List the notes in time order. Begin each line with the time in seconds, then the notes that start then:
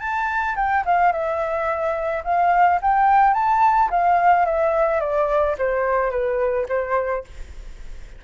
0.00 A5
0.56 G5
0.86 F5
1.12 E5
2.24 F5
2.82 G5
3.34 A5
3.90 F5
4.46 E5
5.01 D5
5.59 C5
6.11 B4
6.69 C5